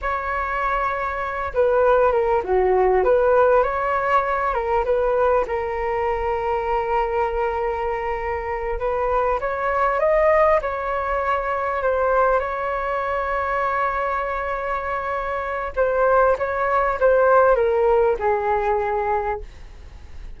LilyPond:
\new Staff \with { instrumentName = "flute" } { \time 4/4 \tempo 4 = 99 cis''2~ cis''8 b'4 ais'8 | fis'4 b'4 cis''4. ais'8 | b'4 ais'2.~ | ais'2~ ais'8 b'4 cis''8~ |
cis''8 dis''4 cis''2 c''8~ | c''8 cis''2.~ cis''8~ | cis''2 c''4 cis''4 | c''4 ais'4 gis'2 | }